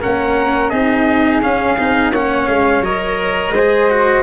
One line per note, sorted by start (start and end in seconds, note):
0.00 0.71 A#3
0.00 0.71 C#4
0.00 0.70 A#4
0.00 0.69 F#5
0.69 1.41 C4
0.69 1.42 D#4
0.69 2.11 G#4
0.69 1.40 D#5
1.42 1.77 C#4
1.42 1.78 C#4
1.42 2.12 F5
1.78 2.12 C4
1.78 2.13 D#4
2.12 2.47 A#3
2.12 2.83 C#4
2.12 3.53 C#5
2.12 2.48 F#5
2.47 2.81 G#3
2.47 2.83 F5
2.81 3.49 F#3
2.81 3.53 A#4
2.81 4.23 D#5
3.49 4.20 G#3
3.49 4.23 C5
3.58 3.90 G#4
3.90 4.23 F#4